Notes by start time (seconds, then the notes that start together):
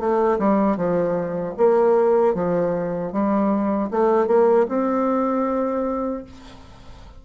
0.00 A3
0.39 G3
0.77 F3
1.58 A#3
2.35 F3
3.13 G3
3.91 A3
4.28 A#3
4.69 C4